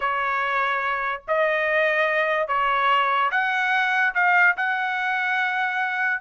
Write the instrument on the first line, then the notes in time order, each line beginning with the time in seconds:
trumpet
0.00 C#5
1.27 D#5
2.47 C#5
3.31 F#5
4.14 F5
4.56 F#5